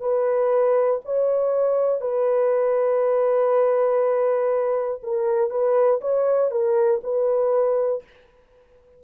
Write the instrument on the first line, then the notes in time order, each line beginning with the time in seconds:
horn
0.00 B4
1.05 C#5
2.01 B4
5.03 A#4
5.50 B4
6.01 C#5
6.51 A#4
7.04 B4